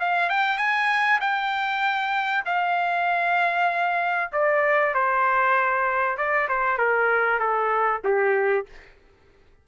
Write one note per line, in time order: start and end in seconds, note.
0.00 0.30 F5
0.30 0.58 G5
0.58 1.20 G#5
1.21 2.45 G5
2.46 4.32 F5
4.33 4.95 D5
4.95 6.18 C5
6.18 6.49 D5
6.49 6.78 C5
6.78 7.40 A#4
7.40 8.02 A4
8.04 8.66 G4